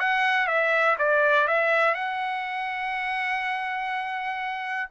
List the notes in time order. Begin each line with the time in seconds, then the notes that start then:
0.00 F#5
0.47 E5
0.99 D5
1.48 E5
1.94 F#5